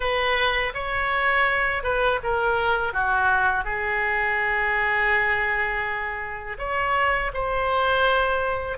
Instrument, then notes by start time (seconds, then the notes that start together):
oboe
0.00 B4
0.74 C#5
1.83 B4
2.23 A#4
2.93 F#4
3.64 G#4
6.58 C#5
7.33 C5